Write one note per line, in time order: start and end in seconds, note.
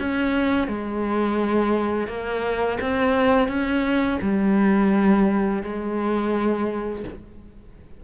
0.00 0.68 C#4
0.68 2.08 G#3
2.08 2.79 A#3
2.81 3.48 C4
3.48 4.19 C#4
4.22 5.63 G3
5.63 7.04 G#3